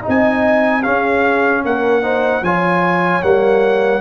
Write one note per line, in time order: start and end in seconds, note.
0.00 0.82 D#4
0.00 0.80 D#5
0.08 0.85 C4
0.08 0.82 G#5
0.81 2.02 C#4
0.81 1.64 C#4
0.81 1.61 G#4
0.81 1.62 F5
1.64 2.41 A#3
1.64 2.02 A#4
1.64 2.44 F#5
2.02 2.42 D#4
2.02 2.43 C5
2.41 3.21 F3
2.41 3.22 F4
2.41 4.01 C#5
2.41 3.22 G#5
3.22 4.01 G3
3.22 4.01 A#3
3.22 4.01 F#5